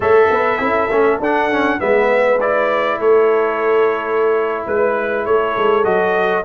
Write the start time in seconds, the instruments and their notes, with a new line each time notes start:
0.00 tuba A3, trombone A4, horn C#5, trumpet E5
0.30 tuba B3, horn B4
0.59 tuba C#4, trombone E4, horn A4
0.90 tuba A3, trombone C#4
1.19 tuba D4, trombone D4, trumpet F#5
1.51 trombone C#4
1.79 tuba G#3, trombone B3, horn B4, trumpet E5
2.40 trombone E4, trumpet D5
2.98 tuba A3, horn A4, trumpet C#5
4.66 tuba G#3, horn B4, trumpet B4
5.25 tuba A3, horn A4, trumpet C#5
5.56 tuba G#3
5.83 tuba F#3, trombone F#4, trumpet D#5